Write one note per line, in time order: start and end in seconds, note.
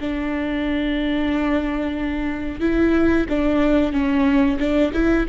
0.00 2.60 D4
2.60 3.26 E4
3.28 3.92 D4
3.92 4.58 C#4
4.59 4.92 D4
4.93 5.26 E4